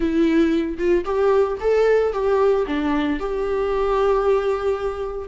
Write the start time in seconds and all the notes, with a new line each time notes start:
0.00 E4
0.77 F4
1.05 G4
1.60 A4
2.12 G4
2.66 D4
3.19 G4